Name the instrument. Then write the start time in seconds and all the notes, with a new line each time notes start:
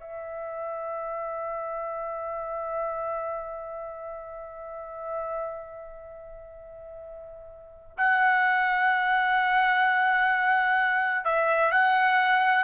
trumpet
0.00 E5
7.98 F#5
11.25 E5
11.71 F#5